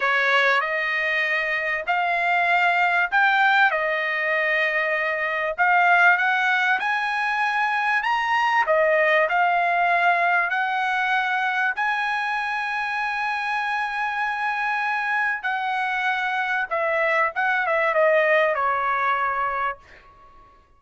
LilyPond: \new Staff \with { instrumentName = "trumpet" } { \time 4/4 \tempo 4 = 97 cis''4 dis''2 f''4~ | f''4 g''4 dis''2~ | dis''4 f''4 fis''4 gis''4~ | gis''4 ais''4 dis''4 f''4~ |
f''4 fis''2 gis''4~ | gis''1~ | gis''4 fis''2 e''4 | fis''8 e''8 dis''4 cis''2 | }